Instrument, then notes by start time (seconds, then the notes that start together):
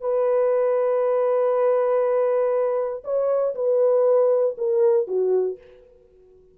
horn
0.00 B4
3.04 C#5
3.55 B4
4.57 A#4
5.07 F#4